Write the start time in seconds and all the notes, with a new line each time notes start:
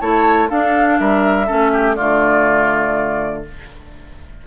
0.00 A3 E4 C#5 A5
0.49 D4 A4 F5
0.99 G3 A#4 E5
1.46 A3 C#4 A4
1.72 G4
1.95 D3 A3 F4 D5